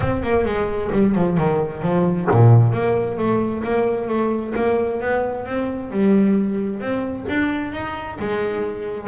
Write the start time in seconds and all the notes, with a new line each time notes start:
0.00 C4
0.23 A#3
0.45 G#3
0.92 G3
1.14 F3
1.37 D#3
1.82 F3
2.30 A#2
2.72 A#3
3.17 A3
3.63 A#3
4.07 A3
4.55 A#3
5.00 B3
5.45 C4
5.90 G3
6.80 C4
7.28 D4
7.72 D#4
8.19 G#3